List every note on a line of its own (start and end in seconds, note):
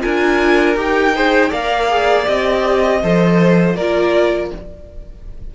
0.00 0.76 D4
0.00 0.75 F4
0.00 1.15 A#4
0.00 0.77 G#5
0.76 1.51 D#4
0.76 1.13 G4
0.76 1.53 G5
1.15 1.52 G#4
1.15 1.50 C5
1.50 2.27 A#3
1.50 1.89 A#4
1.50 3.00 D5
1.50 2.27 F5
1.89 2.26 G#4
2.26 3.03 C4
2.26 3.01 G4
2.26 3.76 D#5
3.03 3.76 F3
3.03 3.78 A4
3.03 3.76 C5
3.76 4.51 A#3
3.76 4.55 F4
3.76 4.51 A#4
3.76 4.51 D5